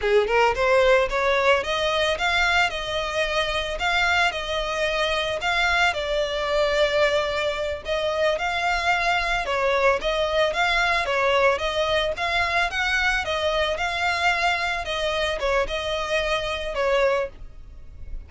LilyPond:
\new Staff \with { instrumentName = "violin" } { \time 4/4 \tempo 4 = 111 gis'8 ais'8 c''4 cis''4 dis''4 | f''4 dis''2 f''4 | dis''2 f''4 d''4~ | d''2~ d''8 dis''4 f''8~ |
f''4. cis''4 dis''4 f''8~ | f''8 cis''4 dis''4 f''4 fis''8~ | fis''8 dis''4 f''2 dis''8~ | dis''8 cis''8 dis''2 cis''4 | }